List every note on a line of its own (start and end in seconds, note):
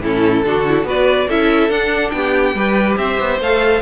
0.00 0.42 A2
0.00 0.45 C#4
0.00 0.46 E4
0.00 0.88 A4
0.44 0.84 D3
0.44 0.67 D4
0.44 0.87 F#4
0.68 0.85 E4
0.84 1.26 B3
0.84 1.27 F#4
0.84 1.28 B4
0.84 1.30 D5
1.28 1.69 C#4
1.28 1.71 E4
1.28 2.13 A4
1.28 1.71 E5
1.69 2.11 D4
1.69 2.55 D4
1.69 2.11 F#5
2.11 2.54 B3
2.11 2.57 G4
2.11 2.95 G5
2.54 2.97 G3
2.54 3.40 G4
2.54 2.99 B4
2.97 3.18 C4
2.97 3.82 C5
2.97 3.40 E5
3.20 3.40 B3
3.40 3.82 A3
3.40 3.82 A4
3.40 3.82 F5